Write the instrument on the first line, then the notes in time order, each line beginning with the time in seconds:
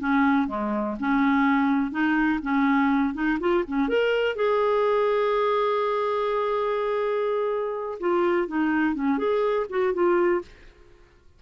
clarinet
0.00 C#4
0.48 G#3
1.00 C#4
1.91 D#4
2.43 C#4
3.14 D#4
3.40 F4
3.68 C#4
3.89 A#4
4.36 G#4
8.00 F4
8.48 D#4
8.95 C#4
9.18 G#4
9.70 F#4
9.94 F4